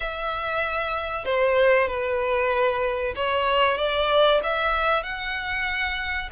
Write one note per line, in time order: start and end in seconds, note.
0.00 1.25 E5
1.25 1.87 C5
1.87 3.13 B4
3.16 3.77 C#5
3.77 4.40 D5
4.43 5.03 E5
5.03 6.29 F#5